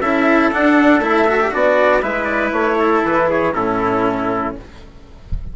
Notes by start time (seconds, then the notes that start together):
0.00 C#4 E4 A4 E5
0.51 D4 F#5
0.99 A3 E4 E5
1.27 F#4
1.39 G4
1.50 B3 D4 F#4 D5
2.01 G#3 E4 B4 E5
2.24 D5
2.52 A3 C#5
2.79 A4
3.03 E3 B4
3.29 G#4 C#5
3.54 A2 C#4 E4 A4